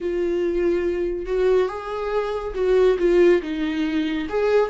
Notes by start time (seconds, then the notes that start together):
0.00 F4
1.26 F#4
1.68 G#4
2.54 F#4
2.98 F4
3.42 D#4
4.29 G#4